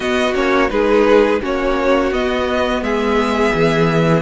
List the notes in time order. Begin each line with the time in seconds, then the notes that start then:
0.00 B3 F#4 D#5
0.34 A#3 C#4 C#5
0.69 G#3 D#4 G#4 B4
1.41 A#3 C#4 F#4 C#5
2.11 B3 D#5
2.81 G#3 G#4 E5
3.54 E3